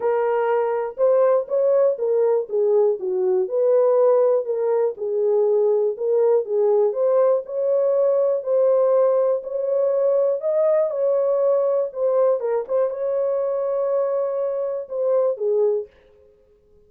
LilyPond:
\new Staff \with { instrumentName = "horn" } { \time 4/4 \tempo 4 = 121 ais'2 c''4 cis''4 | ais'4 gis'4 fis'4 b'4~ | b'4 ais'4 gis'2 | ais'4 gis'4 c''4 cis''4~ |
cis''4 c''2 cis''4~ | cis''4 dis''4 cis''2 | c''4 ais'8 c''8 cis''2~ | cis''2 c''4 gis'4 | }